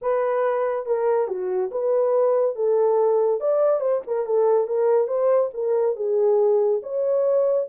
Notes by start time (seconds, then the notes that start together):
0.01 B4
0.85 A#4
1.27 F#4
1.71 B4
2.55 A4
3.40 D5
3.80 C5
4.06 A#4
4.26 A4
4.67 A#4
5.07 C5
5.53 A#4
5.96 G#4
6.82 C#5